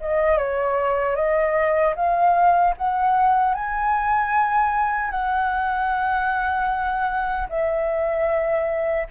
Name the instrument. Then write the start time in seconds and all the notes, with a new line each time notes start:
flute
0.00 D#5
0.37 C#5
1.15 D#5
1.95 F5
2.77 F#5
3.54 G#5
5.10 F#5
7.49 E5